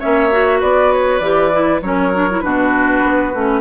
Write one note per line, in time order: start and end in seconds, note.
0.00 0.63 A#3
0.00 0.31 C#4
0.00 0.60 C#5
0.00 0.62 E5
0.31 1.22 F#4
0.60 1.21 B3
0.60 1.81 B4
0.60 0.92 D5
0.93 1.19 C#5
1.19 1.81 E3
1.19 1.52 G4
1.19 1.80 D5
1.52 1.82 E4
1.82 2.43 F#3
1.82 2.13 C#4
1.82 2.44 A#4
1.82 2.41 C#5
2.14 2.29 D4
2.31 2.43 E4
2.41 3.04 B2
2.41 3.34 D4
2.41 3.62 F#4
2.41 3.62 B4
3.05 3.35 B3
3.35 3.62 A3
3.35 3.62 C#4